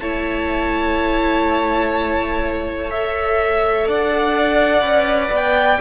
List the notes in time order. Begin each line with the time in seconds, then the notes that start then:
0.00 A3 E4 C#5 A5
2.90 A4 E5
3.88 D4 D5 F#5
4.82 C#4 B4
5.32 B3 G5